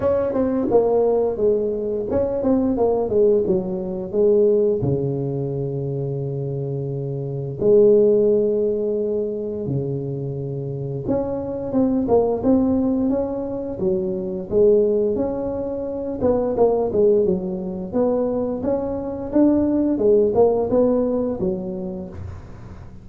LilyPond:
\new Staff \with { instrumentName = "tuba" } { \time 4/4 \tempo 4 = 87 cis'8 c'8 ais4 gis4 cis'8 c'8 | ais8 gis8 fis4 gis4 cis4~ | cis2. gis4~ | gis2 cis2 |
cis'4 c'8 ais8 c'4 cis'4 | fis4 gis4 cis'4. b8 | ais8 gis8 fis4 b4 cis'4 | d'4 gis8 ais8 b4 fis4 | }